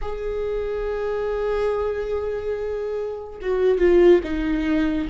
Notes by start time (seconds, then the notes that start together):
0.01 G#4
3.41 F#4
3.78 F4
4.23 D#4